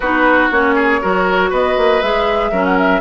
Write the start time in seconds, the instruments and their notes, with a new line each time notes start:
0.00 bassoon B3, clarinet D#4, oboe F#4, flute B4
0.51 bassoon A#3, clarinet C#4, flute C#5
0.75 oboe G#4
1.01 bassoon F#3, clarinet F#4, oboe A#4
1.49 bassoon B3, oboe B4, flute D#5
1.77 bassoon A#3
2.02 bassoon G#3, clarinet G#4, flute E5
2.51 bassoon F#3, clarinet C#4, oboe A#4
2.65 flute F#5
2.78 flute E5